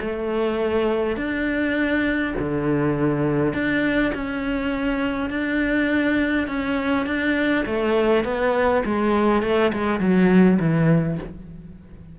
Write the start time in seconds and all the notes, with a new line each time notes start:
0.00 A3
1.17 D4
2.39 D3
3.53 D4
4.14 C#4
5.30 D4
6.47 C#4
7.06 D4
7.66 A3
8.24 B3
8.85 G#3
9.43 A3
9.73 G#3
9.99 F#3
10.59 E3